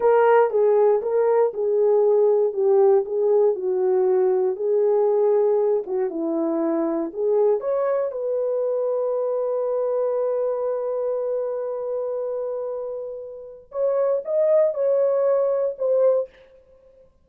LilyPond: \new Staff \with { instrumentName = "horn" } { \time 4/4 \tempo 4 = 118 ais'4 gis'4 ais'4 gis'4~ | gis'4 g'4 gis'4 fis'4~ | fis'4 gis'2~ gis'8 fis'8 | e'2 gis'4 cis''4 |
b'1~ | b'1~ | b'2. cis''4 | dis''4 cis''2 c''4 | }